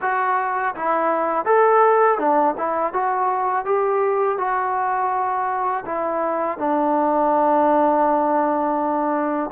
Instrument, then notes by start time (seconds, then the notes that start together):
trombone
0.01 F#4
0.75 E4
1.45 A4
2.18 D4
2.57 E4
2.93 F#4
3.65 G4
4.37 F#4
5.85 E4
6.58 D4